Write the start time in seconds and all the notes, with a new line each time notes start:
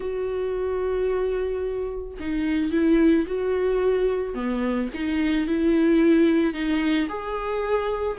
0.00 F#4
2.19 D#4
2.71 E4
3.27 F#4
4.34 B3
4.94 D#4
5.47 E4
6.53 D#4
7.08 G#4